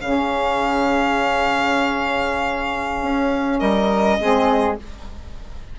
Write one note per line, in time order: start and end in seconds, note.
0.00 3.02 C#3
0.00 4.20 C#4
0.00 3.60 G#4
0.00 3.59 F5
3.02 3.59 C#4
3.59 4.18 G3
3.59 4.17 A#4
3.59 4.75 D#5
4.20 4.78 G#3
4.20 4.78 C4
4.20 4.79 G#4